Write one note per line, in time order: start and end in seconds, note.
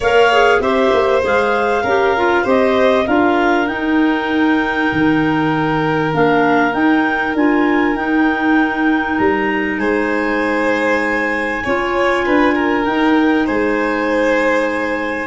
0.00 0.60 A#3
0.00 0.32 A#4
0.00 0.59 C#5
0.00 0.60 F5
0.32 0.62 G#4
0.60 0.90 C4
0.60 1.21 G4
0.60 1.82 C5
0.60 1.22 E5
0.93 1.23 A#3
1.21 1.83 G#3
1.21 1.82 G#4
1.21 2.48 F5
1.82 2.44 C#4
1.82 2.17 G4
1.82 2.43 A#4
2.17 2.44 F4
2.43 3.07 C4
2.43 3.06 G4
2.43 3.04 C5
2.43 3.07 D#5
3.06 3.68 D4
3.06 3.66 F4
3.06 9.79 A#4
3.06 3.67 F5
3.66 6.11 D#4
3.66 4.91 D#4
3.66 6.12 G5
4.92 6.14 D#3
6.11 6.73 A#3
6.11 6.72 D4
6.11 6.73 F5
6.72 7.33 D#4
6.72 7.34 D#4
6.72 7.34 G5
7.34 7.95 D4
7.34 7.95 F4
7.34 7.96 G#5
7.95 9.17 D#4
7.95 11.63 D#4
7.95 9.18 G5
9.18 9.78 G3
9.18 9.79 A#5
9.78 11.61 G#3
9.78 11.63 C5
9.78 12.85 G#5
11.63 12.27 C#4
11.63 12.84 F4
11.63 12.24 C#5
12.25 12.87 D4
12.25 12.54 B4
12.54 13.46 A#4
12.84 15.27 D#4
12.84 13.48 D#4
12.84 13.46 G5
13.46 15.27 G#3
13.46 15.27 C5
13.46 15.27 G#5